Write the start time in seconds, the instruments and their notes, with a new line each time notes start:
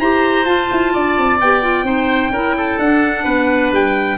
0.00 tuba E4, clarinet G4, oboe C5, trumpet A#5
0.45 clarinet F4, tuba F4, trumpet A5
0.71 tuba E4
0.94 tuba D4, oboe D5
1.18 tuba C4
1.41 tuba B3, clarinet G4, trumpet G5
1.63 clarinet F4
1.83 tuba C4, clarinet D#4, oboe C5
2.31 tuba C#4, clarinet E4, oboe A#4
2.58 oboe A4
2.79 tuba D4, clarinet D4, trumpet F#5
3.24 tuba B3, oboe B4
3.72 tuba G3, trumpet G5